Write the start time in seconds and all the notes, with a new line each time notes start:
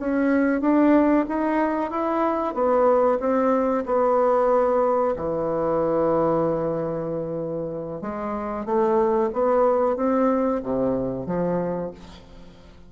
0.00 C#4
0.61 D4
1.29 D#4
1.91 E4
2.55 B3
3.20 C4
3.86 B3
5.17 E3
8.02 G#3
8.66 A3
9.33 B3
9.97 C4
10.64 C3
11.27 F3